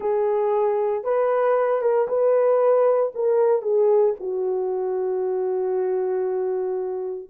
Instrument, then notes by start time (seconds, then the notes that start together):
horn
0.00 G#4
1.03 B4
1.81 A#4
2.08 B4
3.14 A#4
3.62 G#4
4.20 F#4